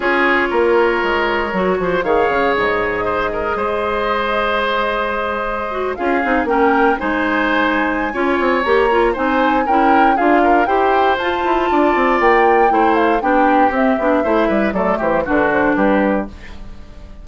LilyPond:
<<
  \new Staff \with { instrumentName = "flute" } { \time 4/4 \tempo 4 = 118 cis''1 | f''4 dis''2.~ | dis''2.~ dis''8. f''16~ | f''8. g''4 gis''2~ gis''16~ |
gis''4 ais''4 gis''4 g''4 | f''4 g''4 a''2 | g''4. f''8 g''4 e''4~ | e''4 d''8 c''8 b'8 c''8 b'4 | }
  \new Staff \with { instrumentName = "oboe" } { \time 4/4 gis'4 ais'2~ ais'8 c''8 | cis''2 c''8 ais'8 c''4~ | c''2.~ c''8. gis'16~ | gis'8. ais'4 c''2~ c''16 |
cis''2 c''4 ais'4 | gis'8 ais'8 c''2 d''4~ | d''4 c''4 g'2 | c''8 b'8 a'8 g'8 fis'4 g'4 | }
  \new Staff \with { instrumentName = "clarinet" } { \time 4/4 f'2. fis'4 | gis'1~ | gis'2.~ gis'16 fis'8 f'16~ | f'16 dis'8 cis'4 dis'2~ dis'16 |
f'4 g'8 f'8 dis'4 e'4 | f'4 g'4 f'2~ | f'4 e'4 d'4 c'8 d'8 | e'4 a4 d'2 | }
  \new Staff \with { instrumentName = "bassoon" } { \time 4/4 cis'4 ais4 gis4 fis8 f8 | dis8 cis8 gis,2 gis4~ | gis2.~ gis8. cis'16~ | cis'16 c'8 ais4 gis2~ gis16 |
cis'8 c'8 ais4 c'4 cis'4 | d'4 e'4 f'8 e'8 d'8 c'8 | ais4 a4 b4 c'8 b8 | a8 g8 fis8 e8 d4 g4 | }
>>